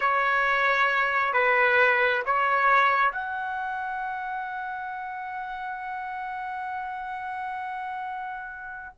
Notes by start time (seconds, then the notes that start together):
0.00 C#5
1.33 B4
2.25 C#5
3.12 F#5